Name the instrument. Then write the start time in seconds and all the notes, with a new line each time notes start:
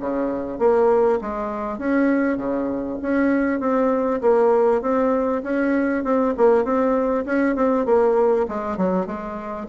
bassoon
0.00 C#3
0.59 A#3
1.21 G#3
1.79 C#4
2.37 C#3
3.02 C#4
3.60 C4
4.21 A#3
4.82 C4
5.43 C#4
6.04 C4
6.37 A#3
6.64 C4
7.25 C#4
7.56 C4
7.86 A#3
8.48 G#3
8.77 F#3
9.06 G#3